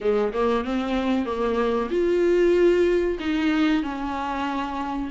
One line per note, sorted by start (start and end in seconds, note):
0.00 0.32 G#3
0.33 0.64 A#3
0.64 1.25 C4
1.25 1.89 A#3
1.90 3.18 F4
3.19 3.82 D#4
3.82 5.10 C#4